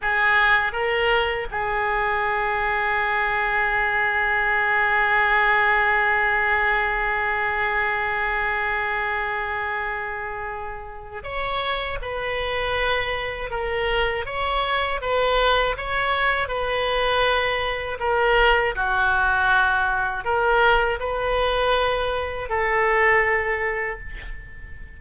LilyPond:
\new Staff \with { instrumentName = "oboe" } { \time 4/4 \tempo 4 = 80 gis'4 ais'4 gis'2~ | gis'1~ | gis'1~ | gis'2. cis''4 |
b'2 ais'4 cis''4 | b'4 cis''4 b'2 | ais'4 fis'2 ais'4 | b'2 a'2 | }